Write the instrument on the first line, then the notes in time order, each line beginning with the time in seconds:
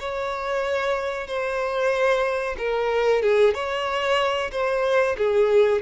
violin
0.00 C#5
1.27 C5
2.58 A#4
3.23 G#4
3.54 C#5
4.52 C5
5.18 G#4